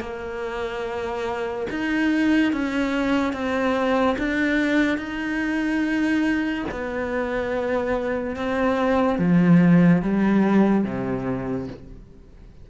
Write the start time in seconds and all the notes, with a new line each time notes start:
0.00 A#3
1.70 D#4
2.52 C#4
3.33 C4
4.18 D4
4.97 D#4
6.71 B3
8.36 C4
9.19 F3
10.02 G3
10.84 C3